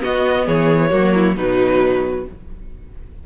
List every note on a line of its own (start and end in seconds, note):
0.00 0.90 B3
0.00 0.47 B3
0.00 0.46 F#4
0.00 0.47 D#5
0.46 0.92 E3
0.46 0.90 G#4
0.46 1.37 C#5
0.90 1.36 F#3
0.90 1.36 A#3
0.90 1.12 F#4
1.14 1.36 E4
1.36 2.26 B2
1.36 2.26 F#3
1.36 2.26 D#4
1.36 2.26 B4